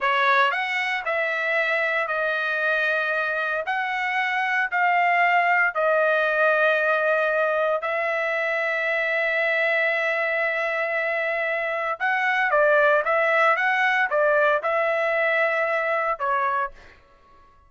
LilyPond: \new Staff \with { instrumentName = "trumpet" } { \time 4/4 \tempo 4 = 115 cis''4 fis''4 e''2 | dis''2. fis''4~ | fis''4 f''2 dis''4~ | dis''2. e''4~ |
e''1~ | e''2. fis''4 | d''4 e''4 fis''4 d''4 | e''2. cis''4 | }